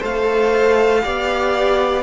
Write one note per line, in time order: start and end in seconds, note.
0.00 1.05 A3
0.00 1.02 A4
0.00 1.02 C5
0.00 2.03 F5
1.02 2.03 B3
1.02 2.03 G4
1.02 2.03 D5